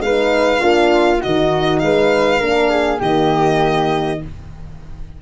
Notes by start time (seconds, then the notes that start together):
0.00 G#3 D#4 B4 F5
0.59 A#3 D4 F4
1.21 D#3 D#4 F#4 D#5
1.80 G#3 B4 F5
2.40 A#3 D4 A#4
2.70 G#4
3.00 D#3 A#3 G4 D#5